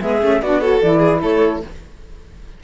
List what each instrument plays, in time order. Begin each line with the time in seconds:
0.00 cello G#3, saxophone B3, violin G#4, flute E5
0.21 cello A3, saxophone C#4
0.42 cello B3, saxophone D4, violin F#4, flute D5
0.60 saxophone F#4, violin A4, flute C#5
0.82 cello E3, saxophone E4, flute D5
0.99 violin G#4
1.22 cello A3, violin A4, flute C#5